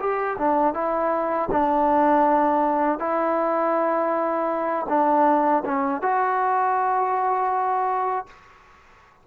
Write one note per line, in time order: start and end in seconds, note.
0.00 0.38 G4
0.39 0.74 D4
0.74 1.49 E4
1.51 2.99 D4
2.99 4.86 E4
4.89 5.64 D4
5.65 6.02 C#4
6.02 8.27 F#4